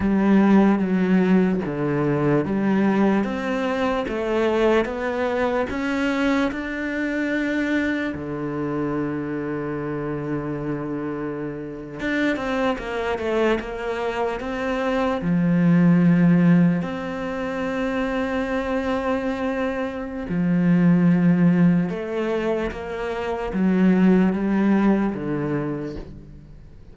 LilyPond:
\new Staff \with { instrumentName = "cello" } { \time 4/4 \tempo 4 = 74 g4 fis4 d4 g4 | c'4 a4 b4 cis'4 | d'2 d2~ | d2~ d8. d'8 c'8 ais16~ |
ais16 a8 ais4 c'4 f4~ f16~ | f8. c'2.~ c'16~ | c'4 f2 a4 | ais4 fis4 g4 d4 | }